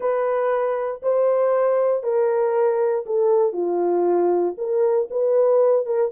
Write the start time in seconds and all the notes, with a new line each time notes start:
0.00 B4
1.02 C5
2.03 A#4
3.06 A4
3.52 F4
4.57 A#4
5.10 B4
5.86 A#4